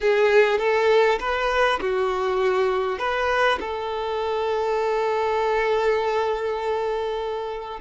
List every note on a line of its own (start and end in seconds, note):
0.00 0.58 G#4
0.58 1.18 A4
1.19 1.79 B4
1.80 2.98 F#4
2.98 3.58 B4
3.59 7.79 A4